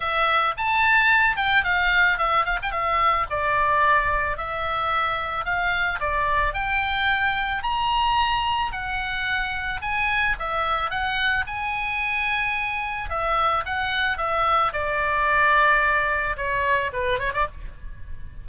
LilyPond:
\new Staff \with { instrumentName = "oboe" } { \time 4/4 \tempo 4 = 110 e''4 a''4. g''8 f''4 | e''8 f''16 g''16 e''4 d''2 | e''2 f''4 d''4 | g''2 ais''2 |
fis''2 gis''4 e''4 | fis''4 gis''2. | e''4 fis''4 e''4 d''4~ | d''2 cis''4 b'8 cis''16 d''16 | }